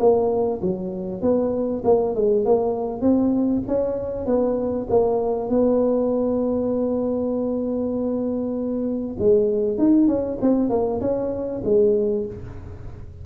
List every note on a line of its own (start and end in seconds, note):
0.00 0.61 A#3
0.62 1.22 F#3
1.22 1.83 B3
1.85 2.15 A#3
2.16 2.45 G#3
2.45 3.02 A#3
3.02 3.63 C4
3.68 4.26 C#4
4.26 4.88 B3
4.90 5.50 A#3
5.50 9.17 B3
9.19 9.78 G#3
9.78 10.08 D#4
10.08 10.39 C#4
10.41 10.70 C4
10.70 11.01 A#3
11.01 11.62 C#4
11.65 12.26 G#3